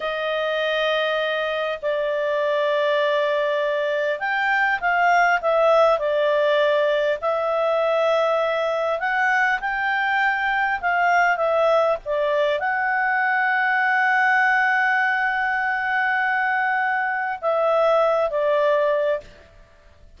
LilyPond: \new Staff \with { instrumentName = "clarinet" } { \time 4/4 \tempo 4 = 100 dis''2. d''4~ | d''2. g''4 | f''4 e''4 d''2 | e''2. fis''4 |
g''2 f''4 e''4 | d''4 fis''2.~ | fis''1~ | fis''4 e''4. d''4. | }